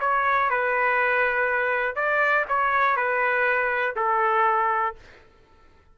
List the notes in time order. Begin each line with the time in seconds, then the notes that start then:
0.00 C#5
0.50 B4
1.95 D5
2.48 C#5
2.96 B4
3.96 A4